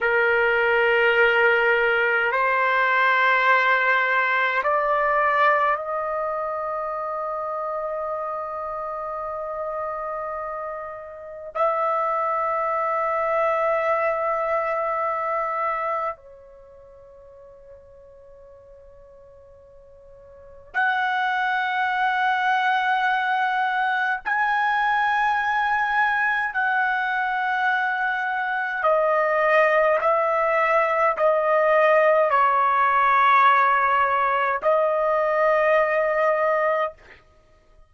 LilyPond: \new Staff \with { instrumentName = "trumpet" } { \time 4/4 \tempo 4 = 52 ais'2 c''2 | d''4 dis''2.~ | dis''2 e''2~ | e''2 cis''2~ |
cis''2 fis''2~ | fis''4 gis''2 fis''4~ | fis''4 dis''4 e''4 dis''4 | cis''2 dis''2 | }